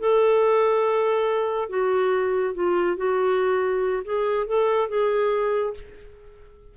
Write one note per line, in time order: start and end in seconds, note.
0.00 1.69 A4
1.69 2.55 F#4
2.55 2.97 F4
2.97 4.03 F#4
4.05 4.47 G#4
4.47 4.89 A4
4.89 5.74 G#4